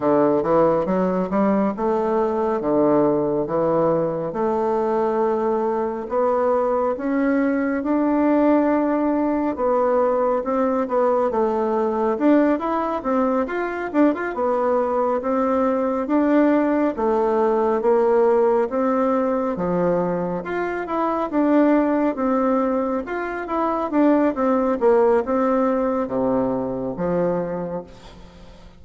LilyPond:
\new Staff \with { instrumentName = "bassoon" } { \time 4/4 \tempo 4 = 69 d8 e8 fis8 g8 a4 d4 | e4 a2 b4 | cis'4 d'2 b4 | c'8 b8 a4 d'8 e'8 c'8 f'8 |
d'16 f'16 b4 c'4 d'4 a8~ | a8 ais4 c'4 f4 f'8 | e'8 d'4 c'4 f'8 e'8 d'8 | c'8 ais8 c'4 c4 f4 | }